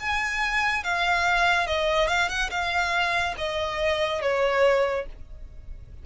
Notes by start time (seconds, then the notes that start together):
0.00 G#5
0.84 F5
1.67 D#5
2.08 F5
2.29 F#5
2.50 F5
3.38 D#5
4.22 C#5